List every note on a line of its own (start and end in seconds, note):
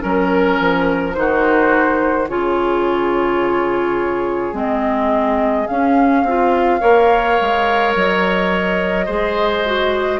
0.00 0.59 F#3
0.00 1.13 C#4
0.00 1.15 A#4
0.00 1.14 A#4
0.59 1.16 F3
1.14 2.29 D#3
1.14 2.28 D#4
1.14 2.29 F#4
1.14 2.27 C5
2.28 4.53 C#3
2.28 4.53 F4
2.28 6.80 G#4
2.28 4.55 C#5
4.53 5.66 G#3
4.53 5.66 C4
4.53 5.67 D#5
5.67 6.26 C#4
5.67 6.23 C#4
5.67 7.93 F5
6.23 6.79 C4
6.23 6.80 F4
6.80 7.39 A#3
6.80 9.06 A#4
6.80 9.05 C#5
7.40 7.95 G#3
7.95 9.07 F#3
7.95 10.20 D#5
9.05 10.20 G#3
9.05 9.64 G#4
9.05 10.19 C5
9.65 10.20 F#4